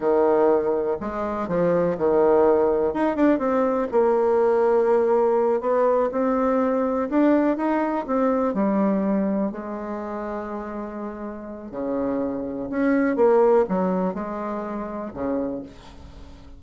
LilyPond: \new Staff \with { instrumentName = "bassoon" } { \time 4/4 \tempo 4 = 123 dis2 gis4 f4 | dis2 dis'8 d'8 c'4 | ais2.~ ais8 b8~ | b8 c'2 d'4 dis'8~ |
dis'8 c'4 g2 gis8~ | gis1 | cis2 cis'4 ais4 | fis4 gis2 cis4 | }